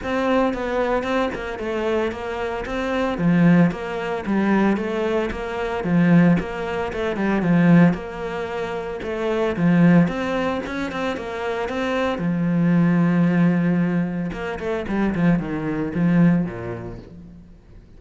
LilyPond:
\new Staff \with { instrumentName = "cello" } { \time 4/4 \tempo 4 = 113 c'4 b4 c'8 ais8 a4 | ais4 c'4 f4 ais4 | g4 a4 ais4 f4 | ais4 a8 g8 f4 ais4~ |
ais4 a4 f4 c'4 | cis'8 c'8 ais4 c'4 f4~ | f2. ais8 a8 | g8 f8 dis4 f4 ais,4 | }